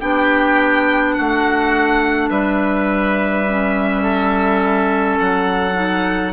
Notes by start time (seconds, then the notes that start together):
0.00 B3 D4 G4 G5
1.14 F#4 F#5
1.20 A3
2.30 G3 B4 E5
3.49 C#4
4.03 A4
5.20 F#3 F#5
5.75 D#4